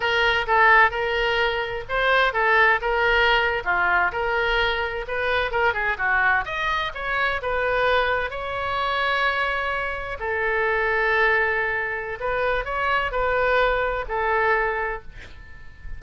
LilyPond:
\new Staff \with { instrumentName = "oboe" } { \time 4/4 \tempo 4 = 128 ais'4 a'4 ais'2 | c''4 a'4 ais'4.~ ais'16 f'16~ | f'8. ais'2 b'4 ais'16~ | ais'16 gis'8 fis'4 dis''4 cis''4 b'16~ |
b'4.~ b'16 cis''2~ cis''16~ | cis''4.~ cis''16 a'2~ a'16~ | a'2 b'4 cis''4 | b'2 a'2 | }